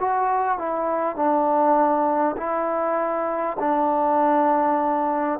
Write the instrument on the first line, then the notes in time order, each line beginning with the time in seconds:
trombone
0.00 F#4
0.58 E4
1.16 D4
2.37 E4
3.59 D4